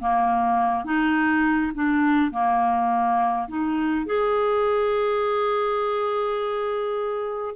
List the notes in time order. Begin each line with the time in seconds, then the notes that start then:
0.00 A#3
0.85 D#4
1.75 D4
2.31 A#3
3.48 D#4
4.06 G#4